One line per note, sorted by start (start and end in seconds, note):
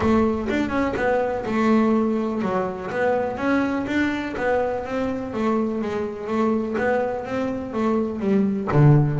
0.00 0.48 A3
0.49 0.69 D4
0.69 0.93 C#4
0.96 1.44 B3
1.45 2.42 A3
2.42 2.90 F#3
2.90 3.37 B3
3.37 3.85 C#4
3.86 4.35 D4
4.37 4.85 B3
4.85 5.33 C4
5.33 5.81 A3
5.81 6.27 G#3
6.27 6.75 A3
6.77 7.25 B3
7.25 7.73 C4
7.73 8.19 A3
8.19 8.67 G3
8.72 9.19 D3